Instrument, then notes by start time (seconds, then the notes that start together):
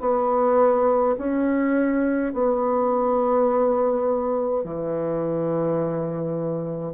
bassoon
0.00 B3
1.17 C#4
2.33 B3
4.64 E3